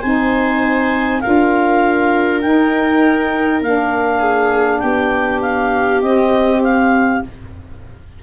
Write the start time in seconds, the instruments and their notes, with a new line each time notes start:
0.00 tuba C4, saxophone D#4, viola C5, clarinet G#5
1.21 tuba D4, saxophone F4, viola A#4, clarinet F5
2.41 saxophone D#4, tuba D#4, clarinet G5
3.61 tuba A#3, saxophone D4, clarinet F5
4.19 viola G#4
4.79 tuba B3, viola G4, clarinet G5
5.41 clarinet F5
6.02 tuba C4, saxophone C4, clarinet D#5
6.62 clarinet F5